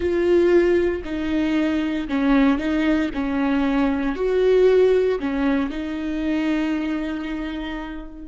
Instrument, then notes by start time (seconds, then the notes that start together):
viola
0.00 F4
1.04 D#4
2.08 C#4
2.58 D#4
3.14 C#4
4.15 F#4
5.19 C#4
5.70 D#4